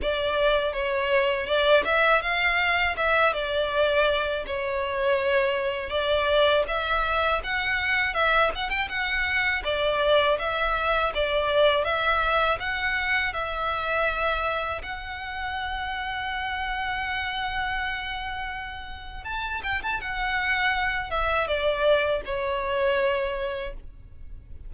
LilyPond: \new Staff \with { instrumentName = "violin" } { \time 4/4 \tempo 4 = 81 d''4 cis''4 d''8 e''8 f''4 | e''8 d''4. cis''2 | d''4 e''4 fis''4 e''8 fis''16 g''16 | fis''4 d''4 e''4 d''4 |
e''4 fis''4 e''2 | fis''1~ | fis''2 a''8 g''16 a''16 fis''4~ | fis''8 e''8 d''4 cis''2 | }